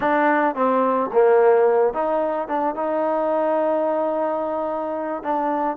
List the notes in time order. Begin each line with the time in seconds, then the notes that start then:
0.00 D4
0.55 C4
1.12 A#3
1.93 D#4
2.47 D4
2.75 D#4
5.23 D4